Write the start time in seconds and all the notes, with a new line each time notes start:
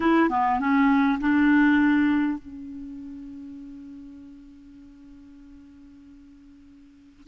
0.00 E4
0.29 B3
0.59 C#4
1.20 D4
2.38 C#4